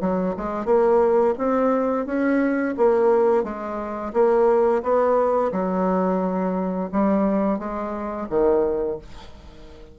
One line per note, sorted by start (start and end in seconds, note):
0.00 0.34 F#3
0.36 0.65 G#3
0.65 1.34 A#3
1.38 2.05 C4
2.05 2.74 C#4
2.77 3.43 A#3
3.43 4.12 G#3
4.13 4.82 A#3
4.82 5.51 B3
5.52 6.90 F#3
6.92 7.58 G3
7.58 8.27 G#3
8.29 8.98 D#3